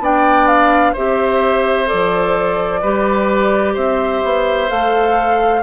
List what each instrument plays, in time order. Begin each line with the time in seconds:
0.00 bassoon B3, clarinet D4, oboe D5, flute G5
0.47 flute F5
0.93 bassoon C4, clarinet G4, oboe C5, flute E5
1.87 clarinet A4, flute D5
1.93 bassoon F3
2.82 bassoon G3, clarinet G4, oboe B4
3.74 bassoon C4, oboe C5, flute E5
4.24 bassoon B3
4.69 bassoon A3, clarinet A4, flute F5